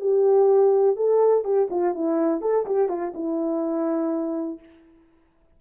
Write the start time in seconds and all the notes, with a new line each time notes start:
0.00 G4
0.96 A4
1.44 G4
1.70 F4
1.94 E4
2.41 A4
2.66 G4
2.88 F4
3.14 E4